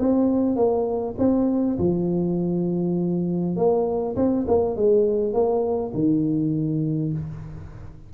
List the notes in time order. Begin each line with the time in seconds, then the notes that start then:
0.00 C4
0.56 A#3
1.19 C4
1.78 F3
3.57 A#3
4.16 C4
4.48 A#3
4.76 G#3
5.34 A#3
5.94 D#3